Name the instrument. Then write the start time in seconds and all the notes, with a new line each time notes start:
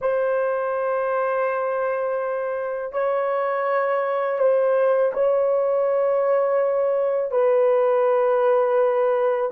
horn
0.01 C5
2.92 C#5
4.39 C5
5.13 C#5
7.31 B4